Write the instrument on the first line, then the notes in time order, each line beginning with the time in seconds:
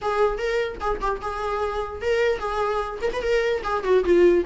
viola
0.01 G#4
0.37 A#4
0.80 G#4
1.00 G4
1.21 G#4
2.01 A#4
2.38 G#4
3.01 A#4
3.12 B4
3.21 A#4
3.63 G#4
3.83 F#4
4.04 F4